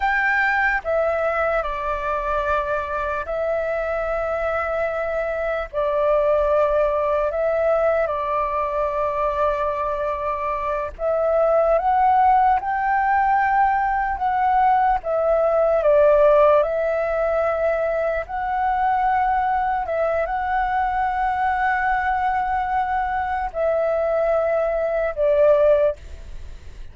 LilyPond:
\new Staff \with { instrumentName = "flute" } { \time 4/4 \tempo 4 = 74 g''4 e''4 d''2 | e''2. d''4~ | d''4 e''4 d''2~ | d''4. e''4 fis''4 g''8~ |
g''4. fis''4 e''4 d''8~ | d''8 e''2 fis''4.~ | fis''8 e''8 fis''2.~ | fis''4 e''2 d''4 | }